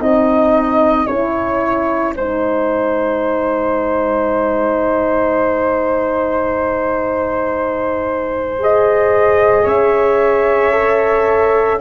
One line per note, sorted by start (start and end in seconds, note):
0.00 1.08 C4
0.00 1.08 D#4
0.00 1.07 D#5
0.00 8.57 G#5
1.07 2.17 C#4
1.07 2.17 E4
1.07 2.14 C#5
2.17 9.67 G#3
2.17 8.60 D#4
2.17 9.63 C5
8.60 10.73 G#4
8.60 9.68 D#5
9.63 11.81 C#4
9.63 11.78 C#5
9.63 11.82 E5
10.73 11.80 A4